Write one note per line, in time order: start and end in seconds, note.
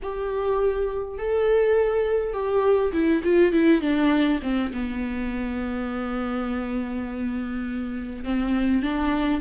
0.02 1.17 G4
1.17 2.33 A4
2.33 2.91 G4
2.92 3.22 E4
3.23 3.52 F4
3.52 3.81 E4
3.81 4.40 D4
4.42 4.72 C4
4.73 8.24 B3
8.24 8.82 C4
8.82 9.40 D4